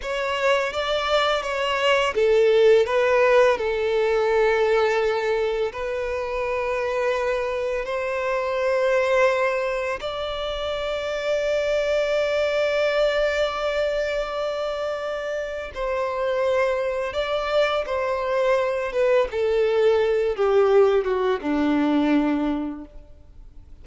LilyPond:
\new Staff \with { instrumentName = "violin" } { \time 4/4 \tempo 4 = 84 cis''4 d''4 cis''4 a'4 | b'4 a'2. | b'2. c''4~ | c''2 d''2~ |
d''1~ | d''2 c''2 | d''4 c''4. b'8 a'4~ | a'8 g'4 fis'8 d'2 | }